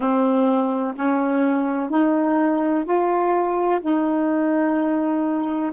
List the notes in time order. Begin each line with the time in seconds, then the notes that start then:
0.00 C4
0.95 C#4
1.89 D#4
2.84 F4
3.81 D#4